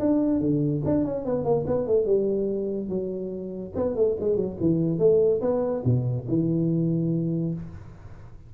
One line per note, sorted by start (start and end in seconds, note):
0.00 0.40 D4
0.40 0.82 D3
0.85 1.05 D4
1.05 1.25 C#4
1.25 1.45 B3
1.45 1.66 A#3
1.67 1.87 B3
1.87 2.06 A3
2.06 2.89 G3
2.89 3.73 F#3
3.76 3.96 B3
3.96 4.17 A3
4.20 4.36 G#3
4.36 4.57 F#3
4.60 4.99 E3
4.99 5.41 A3
5.41 5.83 B3
5.85 6.27 B2
6.28 7.54 E3